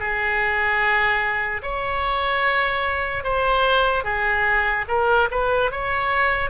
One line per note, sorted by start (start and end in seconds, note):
0.00 1.62 G#4
1.63 3.24 C#5
3.24 4.04 C5
4.04 4.85 G#4
4.88 5.29 A#4
5.31 5.72 B4
5.72 6.50 C#5